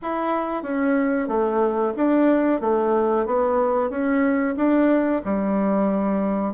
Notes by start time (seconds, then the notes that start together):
0.02 E4
0.63 C#4
1.27 A3
1.96 D4
2.61 A3
3.26 B3
3.90 C#4
4.57 D4
5.24 G3